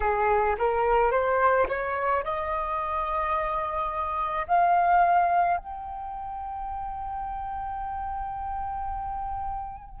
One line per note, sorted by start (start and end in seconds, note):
0.00 0.56 G#4
0.58 1.11 A#4
1.11 1.67 C5
1.68 2.23 C#5
2.24 4.46 D#5
4.47 5.57 F5
5.57 10.00 G5